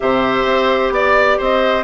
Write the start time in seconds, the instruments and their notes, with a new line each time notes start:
0.00 bassoon C3, clarinet G4, oboe C5, flute E5
0.44 bassoon C4
0.90 bassoon B3, oboe D5, flute D5
1.38 bassoon C4, oboe C5, flute D#5